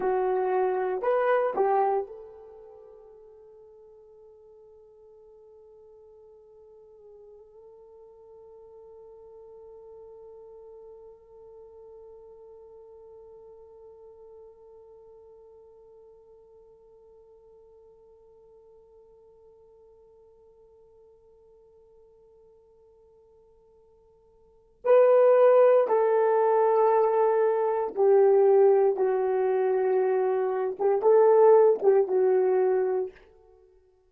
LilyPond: \new Staff \with { instrumentName = "horn" } { \time 4/4 \tempo 4 = 58 fis'4 b'8 g'8 a'2~ | a'1~ | a'1~ | a'1~ |
a'1~ | a'1 | b'4 a'2 g'4 | fis'4.~ fis'16 g'16 a'8. g'16 fis'4 | }